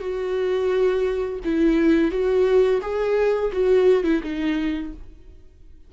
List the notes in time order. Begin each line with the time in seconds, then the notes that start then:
0.00 F#4
1.44 E4
2.11 F#4
2.82 G#4
3.52 F#4
4.04 E4
4.23 D#4